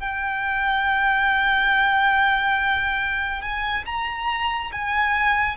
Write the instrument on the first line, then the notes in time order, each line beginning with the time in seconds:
violin
0.00 G5
3.42 G#5
3.86 A#5
4.72 G#5